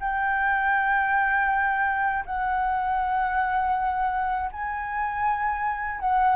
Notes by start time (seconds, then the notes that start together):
0.00 G5
2.25 F#5
4.52 G#5
6.00 F#5